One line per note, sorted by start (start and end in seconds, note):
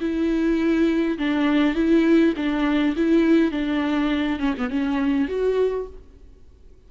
0.00 1.18 E4
1.18 1.75 D4
1.75 2.34 E4
2.37 2.95 D4
2.96 3.51 E4
3.51 4.39 D4
4.40 4.54 C#4
4.57 4.70 B3
4.70 5.28 C#4
5.28 5.87 F#4